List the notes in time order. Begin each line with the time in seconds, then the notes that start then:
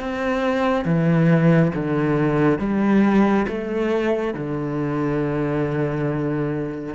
0.00 C4
0.85 E3
1.75 D3
2.59 G3
3.48 A3
4.34 D3